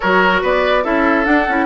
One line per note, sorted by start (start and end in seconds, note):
0.00 0.42 F#3
0.00 0.83 F#4
0.00 0.41 A#4
0.00 0.41 C#5
0.41 0.84 B3
0.41 0.83 B4
0.41 0.84 D5
0.83 1.26 C#4
0.83 1.25 E4
0.83 1.65 A4
0.83 1.25 E5
1.25 1.46 D4
1.25 1.48 D4
1.25 1.65 F#5
1.48 1.65 C#4
1.48 1.65 E4